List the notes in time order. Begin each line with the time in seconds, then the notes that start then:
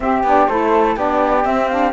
0.00 C4 G4 E5
0.23 B3 D4 D5
0.47 A3 E4 A4 C5
0.96 B3 D4 G4 D5
1.44 C4 E5
1.67 D4 F5